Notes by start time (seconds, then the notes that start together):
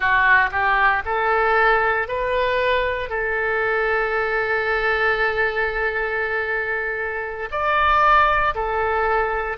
0.00 F#4
0.51 G4
1.05 A4
2.07 B4
3.09 A4
7.50 D5
8.54 A4